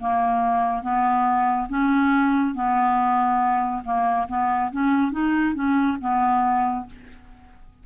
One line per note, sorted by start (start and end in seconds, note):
0.00 0.83 A#3
0.83 1.68 B3
1.69 2.55 C#4
2.55 3.83 B3
3.85 4.27 A#3
4.29 4.71 B3
4.72 5.12 C#4
5.12 5.55 D#4
5.55 5.98 C#4
6.01 6.87 B3